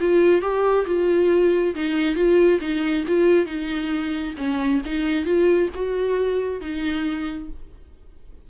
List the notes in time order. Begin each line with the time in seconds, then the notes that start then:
0.00 F4
0.41 G4
0.86 F4
1.75 D#4
2.15 F4
2.60 D#4
3.07 F4
3.46 D#4
4.37 C#4
4.85 D#4
5.25 F4
5.74 F#4
6.61 D#4